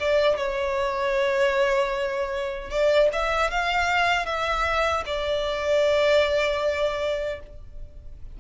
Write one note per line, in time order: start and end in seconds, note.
0.00 0.37 D5
0.37 2.70 C#5
2.70 3.09 D5
3.13 3.51 E5
3.51 4.26 F5
4.26 5.04 E5
5.06 7.40 D5